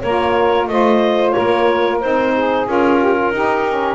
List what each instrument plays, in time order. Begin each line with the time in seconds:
0.00 double bass A#3, saxophone A#4, clarinet C#5
0.06 saxophone F4
0.67 double bass A3, saxophone F4 C5, clarinet D#5
1.30 saxophone A#4, clarinet C#5
1.38 double bass A#3
2.00 double bass C4, saxophone D#4, clarinet C5
2.35 saxophone G#4
2.66 double bass C#4, saxophone F4, clarinet A#4
2.98 saxophone G4
3.15 saxophone F4
3.31 double bass D#4, saxophone D#4 G4
3.67 saxophone C#4